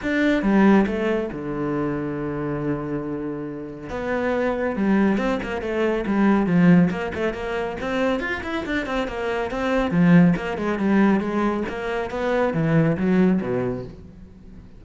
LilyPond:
\new Staff \with { instrumentName = "cello" } { \time 4/4 \tempo 4 = 139 d'4 g4 a4 d4~ | d1~ | d4 b2 g4 | c'8 ais8 a4 g4 f4 |
ais8 a8 ais4 c'4 f'8 e'8 | d'8 c'8 ais4 c'4 f4 | ais8 gis8 g4 gis4 ais4 | b4 e4 fis4 b,4 | }